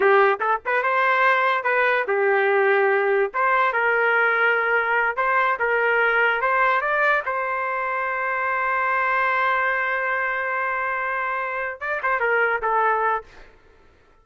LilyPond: \new Staff \with { instrumentName = "trumpet" } { \time 4/4 \tempo 4 = 145 g'4 a'8 b'8 c''2 | b'4 g'2. | c''4 ais'2.~ | ais'8 c''4 ais'2 c''8~ |
c''8 d''4 c''2~ c''8~ | c''1~ | c''1~ | c''8 d''8 c''8 ais'4 a'4. | }